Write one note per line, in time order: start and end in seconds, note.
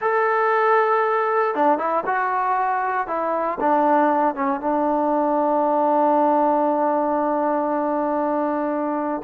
0.01 1.55 A4
1.55 1.78 D4
1.78 2.03 E4
2.06 3.07 F#4
3.07 3.58 E4
3.59 4.34 D4
4.34 4.60 C#4
4.60 9.22 D4